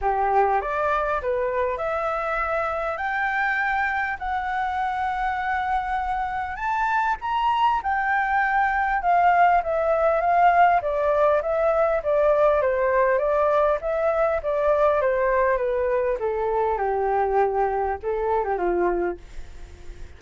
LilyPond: \new Staff \with { instrumentName = "flute" } { \time 4/4 \tempo 4 = 100 g'4 d''4 b'4 e''4~ | e''4 g''2 fis''4~ | fis''2. a''4 | ais''4 g''2 f''4 |
e''4 f''4 d''4 e''4 | d''4 c''4 d''4 e''4 | d''4 c''4 b'4 a'4 | g'2 a'8. g'16 f'4 | }